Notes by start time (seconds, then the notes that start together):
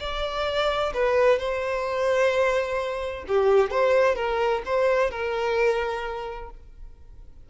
0.00 D5
0.94 B4
1.39 C5
3.28 G4
3.71 C5
4.16 A#4
4.66 C5
5.11 A#4